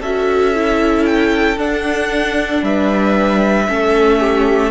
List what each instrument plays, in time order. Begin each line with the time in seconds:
0.00 cello C#4, viola F#4, violin A4 E5
0.55 viola E4
1.06 violin G5
1.57 cello D4, viola D4, violin F#5
2.63 cello G3, violin B4 E5
3.68 cello A3, viola C#4, violin A4
4.21 violin G4